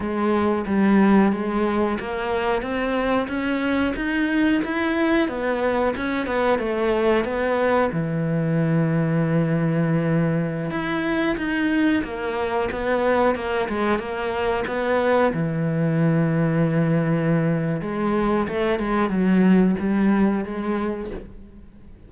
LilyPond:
\new Staff \with { instrumentName = "cello" } { \time 4/4 \tempo 4 = 91 gis4 g4 gis4 ais4 | c'4 cis'4 dis'4 e'4 | b4 cis'8 b8 a4 b4 | e1~ |
e16 e'4 dis'4 ais4 b8.~ | b16 ais8 gis8 ais4 b4 e8.~ | e2. gis4 | a8 gis8 fis4 g4 gis4 | }